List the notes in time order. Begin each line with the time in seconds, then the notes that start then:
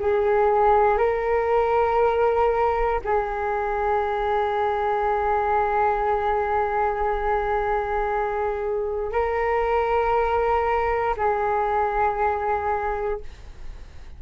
0.00 G#4
0.98 A#4
3.05 G#4
9.12 A#4
11.17 G#4